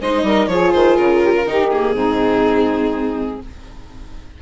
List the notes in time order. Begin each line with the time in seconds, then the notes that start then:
0.00 G#3 D#4 C5 D#5
0.23 G3 A#4
0.47 F3 F4 G#4 C#5
0.72 D#3 C5
0.96 C#3 A#4
1.23 G4
1.33 F4
1.46 D#3 D#4 G4
1.70 A#3 G#4
1.94 G#2 C4 D#4